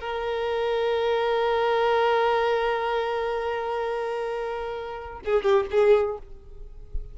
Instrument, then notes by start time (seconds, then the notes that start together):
violin
0.00 A#4
5.25 G#4
5.42 G4
5.71 G#4